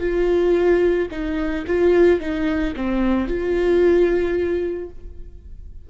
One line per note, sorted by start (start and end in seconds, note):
0.00 1.08 F4
1.11 1.65 D#4
1.67 2.20 F4
2.20 2.74 D#4
2.76 3.28 C4
3.28 4.90 F4